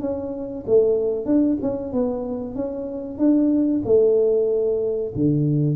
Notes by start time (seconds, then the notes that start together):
0.00 C#4
0.66 A3
1.25 D4
1.62 C#4
1.92 B3
2.55 C#4
3.18 D4
3.85 A3
5.15 D3